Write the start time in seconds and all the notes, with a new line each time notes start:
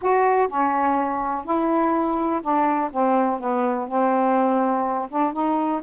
0.01 F#4
0.48 C#4
1.45 E4
2.42 D4
2.91 C4
3.39 B3
3.88 C4
5.09 D4
5.32 D#4